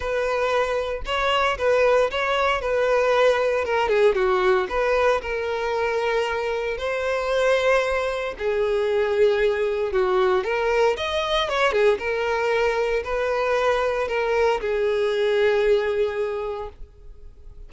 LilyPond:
\new Staff \with { instrumentName = "violin" } { \time 4/4 \tempo 4 = 115 b'2 cis''4 b'4 | cis''4 b'2 ais'8 gis'8 | fis'4 b'4 ais'2~ | ais'4 c''2. |
gis'2. fis'4 | ais'4 dis''4 cis''8 gis'8 ais'4~ | ais'4 b'2 ais'4 | gis'1 | }